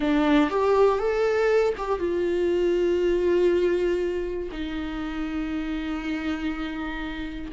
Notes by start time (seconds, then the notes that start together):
0.00 D4
0.50 G4
0.98 A4
1.77 G4
1.99 F4
4.51 D#4